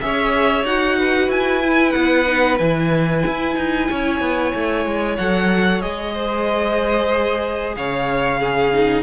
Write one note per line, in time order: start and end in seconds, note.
0.00 0.63 C#4
0.00 0.65 G#4
0.00 0.98 C#5
0.00 0.65 E5
0.63 1.28 D#4
0.63 1.62 F#4
0.63 1.30 F#5
0.98 3.88 B4
1.28 1.92 E4
1.28 1.91 G#5
1.62 2.25 E4
1.91 2.59 B3
1.91 2.56 F#5
2.25 2.58 D#4
2.58 3.23 E3
2.58 5.19 E4
2.58 5.16 G#5
3.26 3.56 E4
3.56 3.88 D#4
3.89 4.20 C#4
3.89 6.14 C#5
4.20 4.52 B3
4.54 4.85 A3
4.85 5.17 G#3
5.17 5.82 F#3
5.17 5.81 A4
5.17 5.81 F#5
5.81 7.76 G#3
5.81 8.39 G#4
5.81 7.75 D#5
6.14 7.75 C5
7.76 9.03 C#3
7.76 8.40 C#5
7.76 9.03 F5
8.40 8.73 C#4
8.40 9.03 G#4
8.73 9.03 D#4